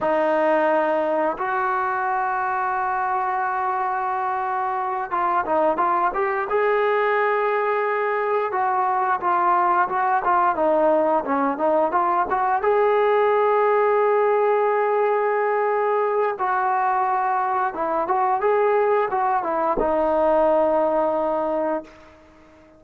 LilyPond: \new Staff \with { instrumentName = "trombone" } { \time 4/4 \tempo 4 = 88 dis'2 fis'2~ | fis'2.~ fis'8 f'8 | dis'8 f'8 g'8 gis'2~ gis'8~ | gis'8 fis'4 f'4 fis'8 f'8 dis'8~ |
dis'8 cis'8 dis'8 f'8 fis'8 gis'4.~ | gis'1 | fis'2 e'8 fis'8 gis'4 | fis'8 e'8 dis'2. | }